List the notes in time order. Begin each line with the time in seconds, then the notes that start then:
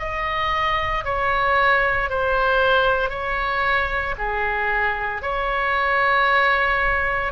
0.00 D#5
1.05 C#5
2.10 C5
3.10 C#5
4.19 G#4
5.22 C#5